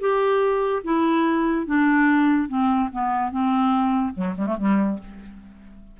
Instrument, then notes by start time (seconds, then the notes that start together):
clarinet
0.00 G4
0.84 E4
1.66 D4
2.48 C4
2.92 B3
3.31 C4
4.14 F#3
4.37 G3
4.46 A3
4.58 G3